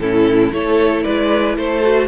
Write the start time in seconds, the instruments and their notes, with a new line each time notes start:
0.00 cello A2, viola C#4, violin E4 A4
0.52 cello A3, viola E4, violin A4 C#5
1.03 cello G#3, violin B4 D5
1.57 cello A3, violin A4 C5
1.83 viola F#4